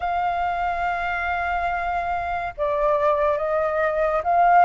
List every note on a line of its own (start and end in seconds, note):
0.00 2.53 F5
2.57 3.37 D5
3.37 4.22 D#5
4.23 4.65 F5